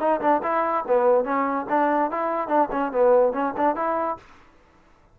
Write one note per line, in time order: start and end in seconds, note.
0.00 0.21 D#4
0.21 0.42 D4
0.43 0.85 E4
0.88 1.25 B3
1.25 1.66 C#4
1.70 2.11 D4
2.11 2.48 E4
2.48 2.69 D4
2.72 2.92 C#4
2.92 3.33 B3
3.33 3.54 C#4
3.57 3.76 D4
3.76 4.18 E4